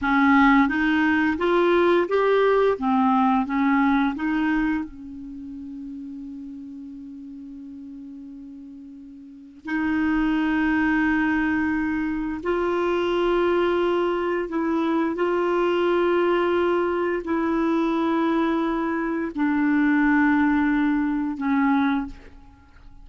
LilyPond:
\new Staff \with { instrumentName = "clarinet" } { \time 4/4 \tempo 4 = 87 cis'4 dis'4 f'4 g'4 | c'4 cis'4 dis'4 cis'4~ | cis'1~ | cis'2 dis'2~ |
dis'2 f'2~ | f'4 e'4 f'2~ | f'4 e'2. | d'2. cis'4 | }